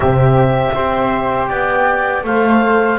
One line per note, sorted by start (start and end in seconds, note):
0.00 0.73 C3
0.00 0.74 C4
0.00 0.74 G4
0.00 1.47 E5
0.74 1.49 C4
0.74 2.24 G4
0.74 1.49 C5
1.48 2.23 B3
1.48 2.24 D5
1.48 2.23 G5
2.23 2.98 A3
2.23 2.98 A4
2.23 2.98 C5
2.23 2.98 F5